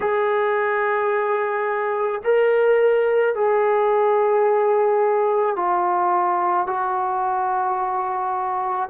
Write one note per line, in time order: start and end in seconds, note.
0.00 2.21 G#4
2.24 3.34 A#4
3.34 5.56 G#4
5.56 6.67 F4
6.67 8.89 F#4